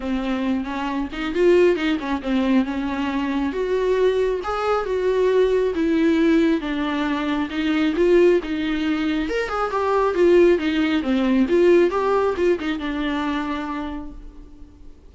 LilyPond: \new Staff \with { instrumentName = "viola" } { \time 4/4 \tempo 4 = 136 c'4. cis'4 dis'8 f'4 | dis'8 cis'8 c'4 cis'2 | fis'2 gis'4 fis'4~ | fis'4 e'2 d'4~ |
d'4 dis'4 f'4 dis'4~ | dis'4 ais'8 gis'8 g'4 f'4 | dis'4 c'4 f'4 g'4 | f'8 dis'8 d'2. | }